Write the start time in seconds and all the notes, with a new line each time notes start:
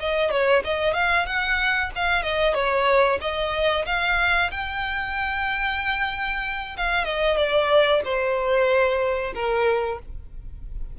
0.00 D#5
0.31 C#5
0.64 D#5
0.94 F5
1.26 F#5
1.95 F5
2.23 D#5
2.54 C#5
3.21 D#5
3.86 F5
4.51 G5
6.77 F5
7.05 D#5
7.37 D5
8.04 C5
9.35 A#4